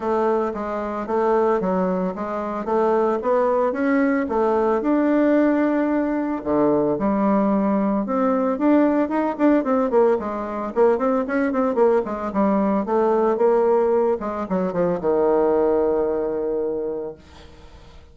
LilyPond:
\new Staff \with { instrumentName = "bassoon" } { \time 4/4 \tempo 4 = 112 a4 gis4 a4 fis4 | gis4 a4 b4 cis'4 | a4 d'2. | d4 g2 c'4 |
d'4 dis'8 d'8 c'8 ais8 gis4 | ais8 c'8 cis'8 c'8 ais8 gis8 g4 | a4 ais4. gis8 fis8 f8 | dis1 | }